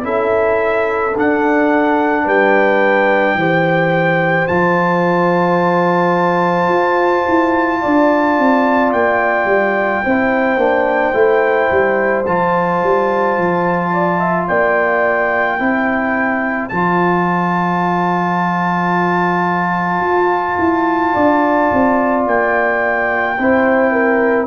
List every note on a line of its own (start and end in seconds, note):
0.00 1.14 C#4
0.00 1.11 E4
0.00 2.24 A4
0.00 1.16 E5
1.16 2.25 D4
1.16 3.39 D4
1.16 2.27 F#5
2.24 3.34 G3
2.24 3.35 B4
2.24 4.47 G5
3.34 4.45 E3
3.34 4.49 G4
3.34 7.81 C5
4.47 6.68 F3
4.47 10.04 F4
4.47 8.91 A5
6.68 7.24 F4
7.28 7.84 E4
7.81 8.38 D4
7.81 10.03 D5
8.38 8.93 C4
8.92 9.45 A#3
8.92 12.25 G5
9.45 10.00 G3
10.04 10.56 C4
10.04 10.58 E4
10.04 13.92 C5
10.56 11.11 A#3
10.56 11.13 D4
11.13 11.69 A3
11.13 12.24 E4
11.70 12.26 G3
12.25 12.82 F3
12.25 15.59 F4
12.25 14.47 A5
12.82 13.37 G3
13.37 14.48 F3
13.92 14.19 D5
14.19 14.47 E5
14.47 15.59 A#3
14.47 15.59 D5
14.47 16.68 G5
15.59 16.70 C4
15.59 16.70 E4
15.59 21.13 C5
16.68 20.00 F3
16.68 23.37 F4
16.68 22.24 A5
20.00 20.56 F4
20.58 21.14 E4
21.13 21.71 D4
21.13 23.36 D5
21.72 22.26 C4
22.26 23.37 A#3
22.26 24.47 G5
23.37 24.47 C4
23.37 24.47 E4
23.37 23.91 C5
23.91 24.47 A#4